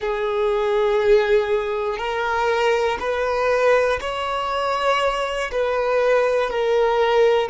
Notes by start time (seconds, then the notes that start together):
0.00 G#4
1.98 A#4
2.99 B4
4.00 C#5
5.51 B4
6.50 A#4